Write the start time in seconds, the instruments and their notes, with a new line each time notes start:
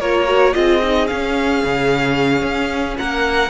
0.00 cello A#3, viola F4, violin A#4 C#5
0.27 viola F#4
0.54 cello C4, viola F4, violin G#4 D#5
0.83 viola D#4
1.07 viola C#4, cello C#4, violin F5
1.64 cello C#3
2.42 cello C#4
2.98 cello A#3, violin A#4 F#5